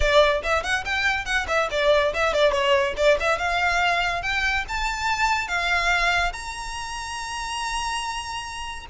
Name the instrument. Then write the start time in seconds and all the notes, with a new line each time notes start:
violin
0.00 D5
0.42 E5
0.63 F#5
0.85 G5
1.25 F#5
1.47 E5
1.71 D5
2.13 E5
2.33 D5
2.51 C#5
2.97 D5
3.20 E5
3.38 F5
4.22 G5
4.68 A5
5.48 F5
6.32 A#5